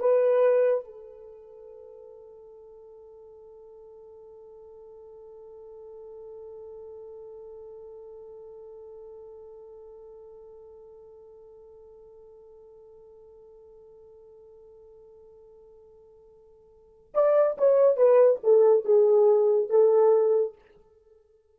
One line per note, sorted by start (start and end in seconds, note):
0.00 0.85 B4
0.85 17.14 A4
17.15 17.58 D5
17.58 17.97 C#5
17.97 18.40 B4
18.44 18.85 A4
18.85 19.70 G#4
19.70 20.56 A4